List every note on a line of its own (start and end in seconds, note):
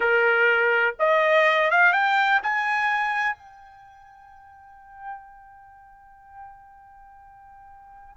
0.00 0.94 A#4
0.99 1.70 D#5
1.70 1.92 F5
1.92 2.40 G5
2.43 3.36 G#5
3.36 8.16 G5